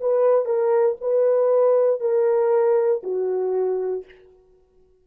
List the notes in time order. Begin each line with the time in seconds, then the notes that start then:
0.00 B4
0.45 A#4
1.01 B4
2.00 A#4
3.03 F#4